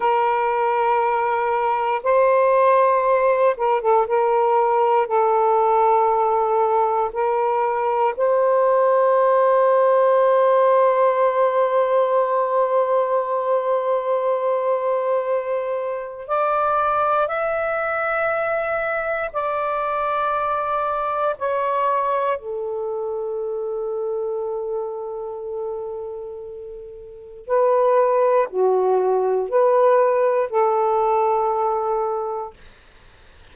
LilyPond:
\new Staff \with { instrumentName = "saxophone" } { \time 4/4 \tempo 4 = 59 ais'2 c''4. ais'16 a'16 | ais'4 a'2 ais'4 | c''1~ | c''1 |
d''4 e''2 d''4~ | d''4 cis''4 a'2~ | a'2. b'4 | fis'4 b'4 a'2 | }